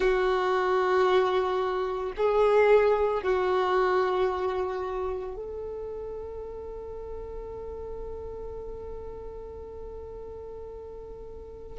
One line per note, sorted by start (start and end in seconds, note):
0.00 2.12 F#4
2.16 3.22 G#4
3.22 5.36 F#4
5.36 11.79 A4